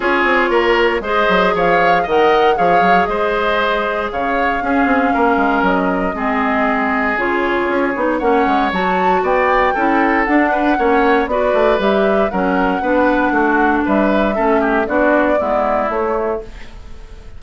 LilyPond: <<
  \new Staff \with { instrumentName = "flute" } { \time 4/4 \tempo 4 = 117 cis''2 dis''4 f''4 | fis''4 f''4 dis''2 | f''2. dis''4~ | dis''2 cis''2 |
fis''4 a''4 g''2 | fis''2 d''4 e''4 | fis''2. e''4~ | e''4 d''2 cis''4 | }
  \new Staff \with { instrumentName = "oboe" } { \time 4/4 gis'4 ais'4 c''4 cis''4 | dis''4 cis''4 c''2 | cis''4 gis'4 ais'2 | gis'1 |
cis''2 d''4 a'4~ | a'8 b'8 cis''4 b'2 | ais'4 b'4 fis'4 b'4 | a'8 g'8 fis'4 e'2 | }
  \new Staff \with { instrumentName = "clarinet" } { \time 4/4 f'2 gis'2 | ais'4 gis'2.~ | gis'4 cis'2. | c'2 f'4. dis'8 |
cis'4 fis'2 e'4 | d'4 cis'4 fis'4 g'4 | cis'4 d'2. | cis'4 d'4 b4 a4 | }
  \new Staff \with { instrumentName = "bassoon" } { \time 4/4 cis'8 c'8 ais4 gis8 fis8 f4 | dis4 f8 fis8 gis2 | cis4 cis'8 c'8 ais8 gis8 fis4 | gis2 cis4 cis'8 b8 |
ais8 gis8 fis4 b4 cis'4 | d'4 ais4 b8 a8 g4 | fis4 b4 a4 g4 | a4 b4 gis4 a4 | }
>>